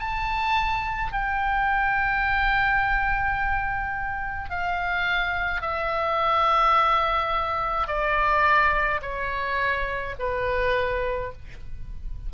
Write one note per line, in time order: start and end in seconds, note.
0.00 1.13 A5
1.13 4.50 G5
4.50 5.62 F5
5.62 7.88 E5
7.88 9.01 D5
9.03 10.16 C#5
10.19 11.33 B4